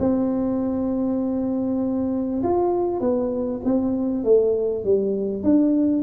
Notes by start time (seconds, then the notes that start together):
0.00 C4
2.44 F4
3.01 B3
3.65 C4
4.24 A3
4.85 G3
5.44 D4